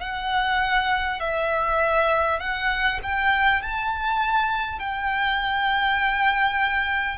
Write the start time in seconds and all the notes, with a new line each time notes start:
0.00 F#5
1.20 E5
2.40 F#5
3.03 G5
3.62 A5
4.79 G5